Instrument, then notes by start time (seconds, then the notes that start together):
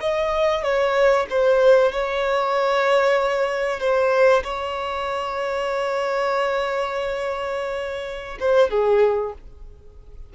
violin
0.00 D#5
0.63 C#5
1.30 C5
1.92 C#5
3.80 C5
4.43 C#5
8.40 C5
8.70 G#4